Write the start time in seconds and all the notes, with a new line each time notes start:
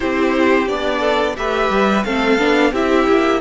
0.00 C4 E4 G4 C5
0.67 B3 D4 D5
0.99 A4
1.36 A3 G4 B4 E5
1.69 G3
2.04 A3 C4 A4 F5
2.38 B3 D4
2.72 C4 E4 G4 E5
3.07 A#3